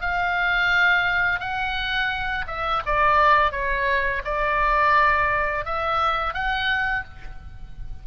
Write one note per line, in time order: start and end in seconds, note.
0.00 1.39 F5
1.39 2.45 F#5
2.46 2.82 E5
2.86 3.51 D5
3.51 4.22 C#5
4.24 5.65 D5
5.65 6.33 E5
6.33 7.04 F#5